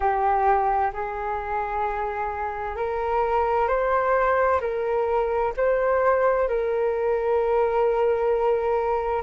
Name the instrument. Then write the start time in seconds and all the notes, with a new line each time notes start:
flute
0.00 G4
0.93 G#4
2.76 A#4
3.68 C5
4.60 A#4
5.56 C5
6.48 A#4